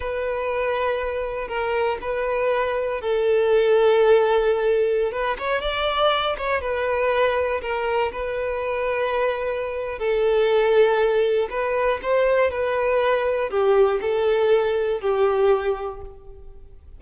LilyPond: \new Staff \with { instrumentName = "violin" } { \time 4/4 \tempo 4 = 120 b'2. ais'4 | b'2 a'2~ | a'2~ a'16 b'8 cis''8 d''8.~ | d''8. cis''8 b'2 ais'8.~ |
ais'16 b'2.~ b'8. | a'2. b'4 | c''4 b'2 g'4 | a'2 g'2 | }